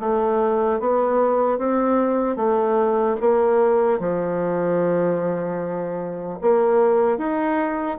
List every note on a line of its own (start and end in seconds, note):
0.00 0.80 A3
0.80 1.59 B3
1.59 2.36 C4
2.36 3.16 A3
3.21 4.00 A#3
4.00 6.40 F3
6.42 7.18 A#3
7.18 7.98 D#4